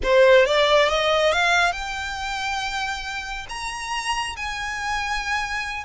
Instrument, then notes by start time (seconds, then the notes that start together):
violin
0.03 C5
0.45 D5
0.89 D#5
1.32 F5
1.72 G5
3.49 A#5
4.36 G#5